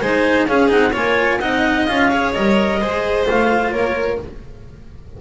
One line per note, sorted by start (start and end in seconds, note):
0.00 0.47 G#3
0.00 0.48 D#4
0.00 0.47 C5
0.00 0.47 G#5
0.47 0.71 C#4
0.47 0.68 C#4
0.47 0.92 G#4
0.47 0.70 F5
0.68 0.94 C4
0.68 0.91 D#4
0.68 0.94 F#5
0.92 1.41 A#3
0.92 1.40 F4
0.92 1.38 C#5
0.92 1.40 G#5
1.40 1.88 C4
1.40 1.88 D#4
1.40 2.09 D#5
1.40 1.86 F#5
1.86 2.35 C#4
1.86 2.11 F4
1.86 2.32 F5
2.09 2.35 G#4
2.09 2.79 C#5
2.33 2.81 G3
2.33 2.81 A#4
2.33 3.26 D#5
2.80 3.27 G#3
2.80 3.25 G#4
2.80 3.73 C5
3.25 3.71 A3
3.25 4.19 F4
3.25 3.71 F5
3.71 4.18 A#3
3.71 4.21 A#4
3.71 4.18 C#5